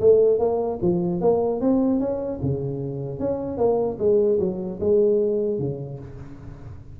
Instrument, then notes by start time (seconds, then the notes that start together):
tuba
0.00 A3
0.39 A#3
0.82 F3
1.21 A#3
1.61 C4
1.99 C#4
2.42 C#3
3.19 C#4
3.57 A#3
3.99 G#3
4.39 F#3
4.80 G#3
5.59 C#3